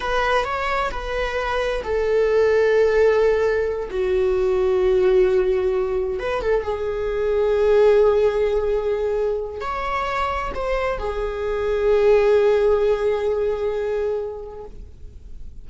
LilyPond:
\new Staff \with { instrumentName = "viola" } { \time 4/4 \tempo 4 = 131 b'4 cis''4 b'2 | a'1~ | a'8 fis'2.~ fis'8~ | fis'4. b'8 a'8 gis'4.~ |
gis'1~ | gis'4 cis''2 c''4 | gis'1~ | gis'1 | }